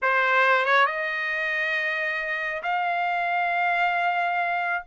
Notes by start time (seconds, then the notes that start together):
0.02 C5
0.65 C#5
0.86 D#5
2.62 F5